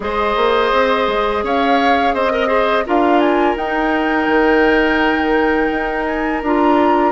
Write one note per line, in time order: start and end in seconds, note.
0.00 0.35 G#3
0.00 2.31 G#4
0.00 1.44 C5
0.00 1.44 D#5
0.35 0.71 A#3
0.72 1.07 C4
1.07 1.43 G#3
1.43 2.13 C#4
1.43 2.14 C#5
1.43 2.14 F5
2.13 2.85 C4
2.13 2.32 C5
2.13 2.86 D#5
2.31 2.47 A#4
2.31 2.47 D#5
2.47 2.82 G#4
2.47 2.83 C5
2.86 3.56 D4
2.86 3.57 F4
2.86 7.12 A#4
2.86 3.19 F5
3.19 3.55 G#5
3.56 4.27 D#4
3.56 6.43 D#4
3.56 6.05 G5
4.27 5.70 D#3
5.71 6.42 D#4
6.05 6.41 G#5
6.42 7.12 D4
6.42 7.12 F4
6.42 7.12 A#5